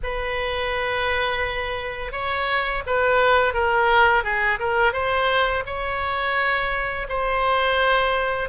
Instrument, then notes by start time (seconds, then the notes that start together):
oboe
0.03 B4
2.12 C#5
2.86 B4
3.53 A#4
4.23 G#4
4.59 A#4
4.93 C5
5.66 C#5
7.08 C5